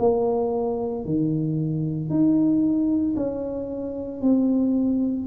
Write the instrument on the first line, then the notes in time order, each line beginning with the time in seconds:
tuba
0.00 A#3
1.05 D#3
2.11 D#4
3.17 C#4
4.22 C4